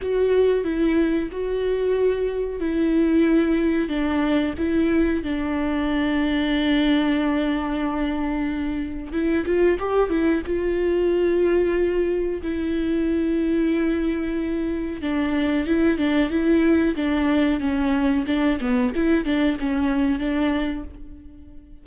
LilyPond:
\new Staff \with { instrumentName = "viola" } { \time 4/4 \tempo 4 = 92 fis'4 e'4 fis'2 | e'2 d'4 e'4 | d'1~ | d'2 e'8 f'8 g'8 e'8 |
f'2. e'4~ | e'2. d'4 | e'8 d'8 e'4 d'4 cis'4 | d'8 b8 e'8 d'8 cis'4 d'4 | }